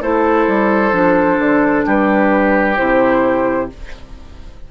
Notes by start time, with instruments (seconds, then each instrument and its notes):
0.00 bassoon A3, clarinet E4, oboe A4, flute C5
0.47 bassoon G3
0.92 bassoon F3, clarinet D4
1.39 bassoon D3
1.85 bassoon G3, oboe G4, flute B4
2.77 bassoon C3, clarinet E4, flute C5